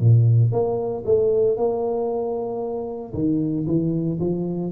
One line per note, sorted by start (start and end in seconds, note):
0.00 0.52 A#2
0.52 1.04 A#3
1.06 1.57 A3
1.57 3.14 A#3
3.14 3.66 D#3
3.67 4.19 E3
4.20 4.72 F3